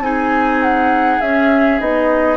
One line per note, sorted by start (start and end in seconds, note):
0.00 1.18 C4
0.00 1.21 D#4
0.00 2.37 G#4
0.00 0.62 G#5
0.62 1.21 F#5
1.21 1.80 C#4
1.21 1.80 E5
1.80 2.37 B3
1.80 2.37 D#4
1.80 2.37 D#5